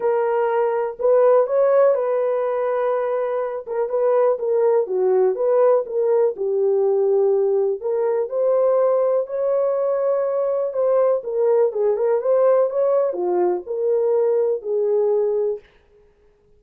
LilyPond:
\new Staff \with { instrumentName = "horn" } { \time 4/4 \tempo 4 = 123 ais'2 b'4 cis''4 | b'2.~ b'8 ais'8 | b'4 ais'4 fis'4 b'4 | ais'4 g'2. |
ais'4 c''2 cis''4~ | cis''2 c''4 ais'4 | gis'8 ais'8 c''4 cis''4 f'4 | ais'2 gis'2 | }